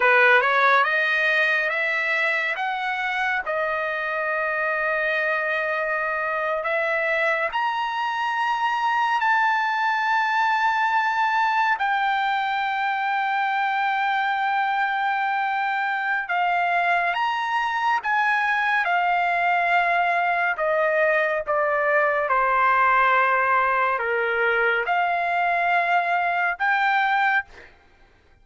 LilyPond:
\new Staff \with { instrumentName = "trumpet" } { \time 4/4 \tempo 4 = 70 b'8 cis''8 dis''4 e''4 fis''4 | dis''2.~ dis''8. e''16~ | e''8. ais''2 a''4~ a''16~ | a''4.~ a''16 g''2~ g''16~ |
g''2. f''4 | ais''4 gis''4 f''2 | dis''4 d''4 c''2 | ais'4 f''2 g''4 | }